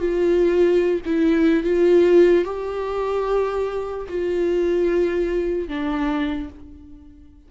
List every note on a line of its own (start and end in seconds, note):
0.00 1.01 F4
1.06 1.64 E4
1.64 2.45 F4
2.45 4.07 G4
4.09 5.69 F4
5.69 6.50 D4